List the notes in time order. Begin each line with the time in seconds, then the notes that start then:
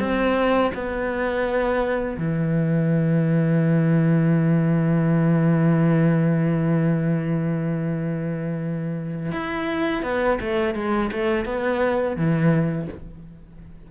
0.00 C4
0.74 B3
2.18 E3
9.32 E4
10.03 B3
10.41 A3
10.75 G#3
11.12 A3
11.45 B3
12.17 E3